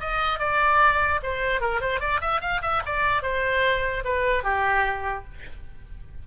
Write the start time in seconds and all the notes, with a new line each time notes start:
0.00 D#5
0.39 D5
1.23 C5
1.61 A#4
1.81 C5
2.00 D5
2.21 E5
2.41 F5
2.62 E5
2.85 D5
3.22 C5
4.04 B4
4.43 G4